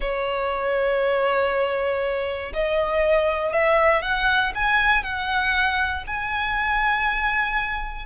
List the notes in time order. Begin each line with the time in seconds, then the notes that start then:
0.00 C#5
2.53 D#5
3.52 E5
4.02 F#5
4.54 G#5
5.03 F#5
6.06 G#5